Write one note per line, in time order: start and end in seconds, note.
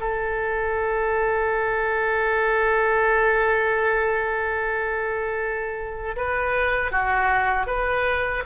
0.00 6.15 A4
6.16 6.91 B4
6.91 7.66 F#4
7.66 8.43 B4